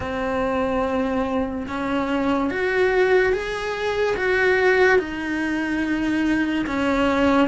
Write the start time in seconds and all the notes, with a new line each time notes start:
0.00 C4
1.67 C#4
2.50 F#4
3.32 G#4
4.16 F#4
4.98 D#4
6.66 C#4